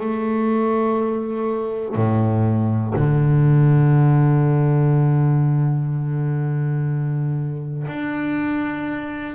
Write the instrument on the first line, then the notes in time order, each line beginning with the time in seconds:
double bass
0.00 A3
1.95 A2
2.95 D3
7.87 D4